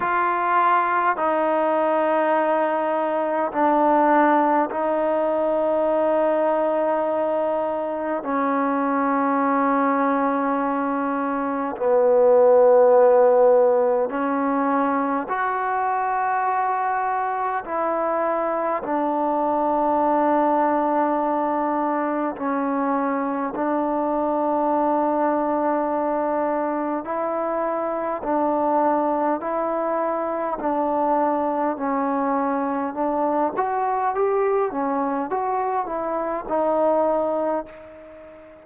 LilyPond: \new Staff \with { instrumentName = "trombone" } { \time 4/4 \tempo 4 = 51 f'4 dis'2 d'4 | dis'2. cis'4~ | cis'2 b2 | cis'4 fis'2 e'4 |
d'2. cis'4 | d'2. e'4 | d'4 e'4 d'4 cis'4 | d'8 fis'8 g'8 cis'8 fis'8 e'8 dis'4 | }